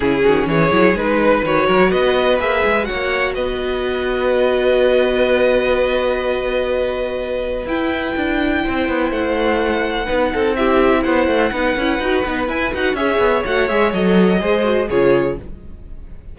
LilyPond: <<
  \new Staff \with { instrumentName = "violin" } { \time 4/4 \tempo 4 = 125 gis'4 cis''4 b'4 cis''4 | dis''4 e''4 fis''4 dis''4~ | dis''1~ | dis''1 |
g''2. fis''4~ | fis''2 e''4 fis''4~ | fis''2 gis''8 fis''8 e''4 | fis''8 e''8 dis''2 cis''4 | }
  \new Staff \with { instrumentName = "violin" } { \time 4/4 e'8 fis'8 gis'4. b'4 ais'8 | b'2 cis''4 b'4~ | b'1~ | b'1~ |
b'2 c''2~ | c''4 b'8 a'8 g'4 c''4 | b'2. cis''4~ | cis''2 c''4 gis'4 | }
  \new Staff \with { instrumentName = "viola" } { \time 4/4 cis'4. e'8 dis'4 fis'4~ | fis'4 gis'4 fis'2~ | fis'1~ | fis'1 |
e'1~ | e'4 dis'4 e'2 | dis'8 e'8 fis'8 dis'8 e'8 fis'8 gis'4 | fis'8 gis'8 a'4 gis'8 fis'8 f'4 | }
  \new Staff \with { instrumentName = "cello" } { \time 4/4 cis8 dis8 e8 fis8 gis4 dis8 fis8 | b4 ais8 gis8 ais4 b4~ | b1~ | b1 |
e'4 d'4 c'8 b8 a4~ | a4 b8 c'4. b8 a8 | b8 cis'8 dis'8 b8 e'8 dis'8 cis'8 b8 | a8 gis8 fis4 gis4 cis4 | }
>>